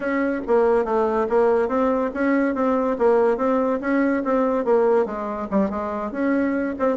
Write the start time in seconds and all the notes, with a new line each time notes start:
0.00 C#4
0.47 A#3
0.84 A3
1.29 A#3
1.68 C4
2.13 C#4
2.54 C4
2.98 A#3
3.37 C4
3.80 C#4
4.24 C4
4.65 A#3
5.05 G#3
5.50 G3
5.70 G#3
6.11 C#4
6.79 C4